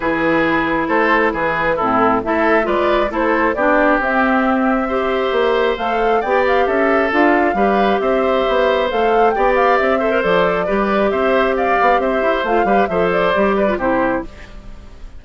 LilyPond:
<<
  \new Staff \with { instrumentName = "flute" } { \time 4/4 \tempo 4 = 135 b'2 c''4 b'4 | a'4 e''4 d''4 c''4 | d''4 e''2.~ | e''4 f''4 g''8 f''8 e''4 |
f''2 e''2 | f''4 g''8 f''8 e''4 d''4~ | d''4 e''4 f''4 e''4 | f''4 e''8 d''4. c''4 | }
  \new Staff \with { instrumentName = "oboe" } { \time 4/4 gis'2 a'4 gis'4 | e'4 a'4 b'4 a'4 | g'2. c''4~ | c''2 d''4 a'4~ |
a'4 b'4 c''2~ | c''4 d''4. c''4. | b'4 c''4 d''4 c''4~ | c''8 b'8 c''4. b'8 g'4 | }
  \new Staff \with { instrumentName = "clarinet" } { \time 4/4 e'1 | c'4 e'4 f'4 e'4 | d'4 c'2 g'4~ | g'4 a'4 g'2 |
f'4 g'2. | a'4 g'4. a'16 ais'16 a'4 | g'1 | f'8 g'8 a'4 g'8. f'16 e'4 | }
  \new Staff \with { instrumentName = "bassoon" } { \time 4/4 e2 a4 e4 | a,4 a4 gis4 a4 | b4 c'2. | ais4 a4 b4 cis'4 |
d'4 g4 c'4 b4 | a4 b4 c'4 f4 | g4 c'4. b8 c'8 e'8 | a8 g8 f4 g4 c4 | }
>>